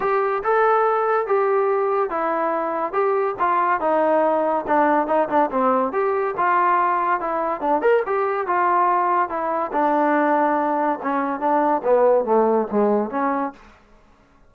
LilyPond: \new Staff \with { instrumentName = "trombone" } { \time 4/4 \tempo 4 = 142 g'4 a'2 g'4~ | g'4 e'2 g'4 | f'4 dis'2 d'4 | dis'8 d'8 c'4 g'4 f'4~ |
f'4 e'4 d'8 ais'8 g'4 | f'2 e'4 d'4~ | d'2 cis'4 d'4 | b4 a4 gis4 cis'4 | }